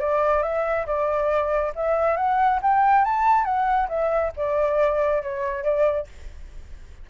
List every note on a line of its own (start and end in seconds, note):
0.00 0.43 D5
0.43 0.86 E5
0.86 1.73 D5
1.75 2.17 E5
2.17 2.60 F#5
2.63 3.05 G5
3.05 3.45 A5
3.45 3.88 F#5
3.89 4.32 E5
4.37 5.22 D5
5.22 5.64 C#5
5.64 6.07 D5